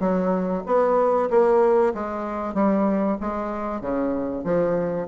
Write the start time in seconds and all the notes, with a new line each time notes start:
0.00 F#3
0.67 B3
1.31 A#3
1.95 G#3
2.54 G3
3.21 G#3
3.81 C#3
4.45 F3